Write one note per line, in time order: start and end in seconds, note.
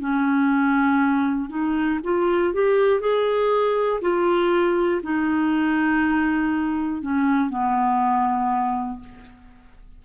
0.00 1.50 C#4
1.50 2.00 D#4
2.04 2.53 F4
2.53 3.00 G4
3.00 4.00 G#4
4.01 5.01 F4
5.03 7.02 D#4
7.02 7.50 C#4
7.50 9.00 B3